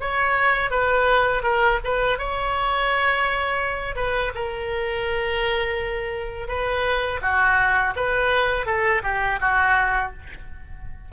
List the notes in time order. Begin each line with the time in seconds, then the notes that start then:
0.00 C#5
0.70 B4
1.43 A#4
1.84 B4
2.18 C#5
3.95 B4
4.35 A#4
6.48 B4
7.21 F#4
7.96 B4
8.65 A4
9.03 G4
9.40 F#4